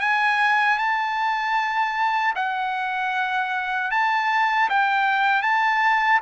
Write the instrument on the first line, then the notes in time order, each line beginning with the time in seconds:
trumpet
0.00 G#5
0.78 A5
2.36 F#5
3.91 A5
4.69 G5
5.42 A5